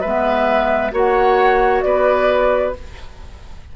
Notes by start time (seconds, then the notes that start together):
0.00 G#3 B3 B4 E5
0.91 A#3 F#4 C#5 F#5
1.81 B3 B4 D5